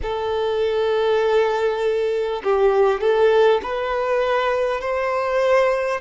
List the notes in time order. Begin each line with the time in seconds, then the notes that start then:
0.02 A4
2.43 G4
3.01 A4
3.63 B4
4.80 C5